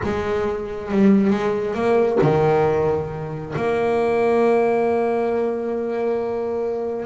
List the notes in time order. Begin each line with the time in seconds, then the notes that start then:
0.03 G#3
0.91 G3
1.30 G#3
1.74 A#3
2.21 D#3
3.56 A#3